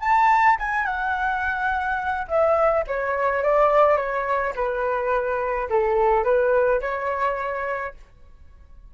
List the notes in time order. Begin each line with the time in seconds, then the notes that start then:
0.00 A5
0.59 G#5
0.85 F#5
2.27 E5
2.87 C#5
3.43 D5
3.97 C#5
4.55 B4
5.69 A4
6.24 B4
6.81 C#5